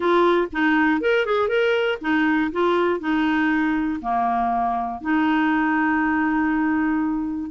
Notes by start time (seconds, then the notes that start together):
0.00 F4
0.52 D#4
1.00 A#4
1.25 G#4
1.48 A#4
2.01 D#4
2.52 F4
3.00 D#4
4.01 A#3
5.01 D#4